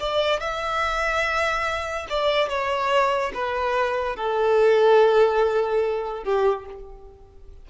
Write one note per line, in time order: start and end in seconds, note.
0.00 0.41 D5
0.41 2.07 E5
2.10 2.49 D5
2.49 3.33 C#5
3.34 4.17 B4
4.17 6.24 A4
6.24 6.66 G4